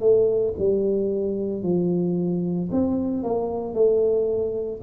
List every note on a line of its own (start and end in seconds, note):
0.00 0.54 A3
0.58 1.63 G3
1.63 2.70 F3
2.72 3.23 C4
3.23 3.75 A#3
3.75 4.82 A3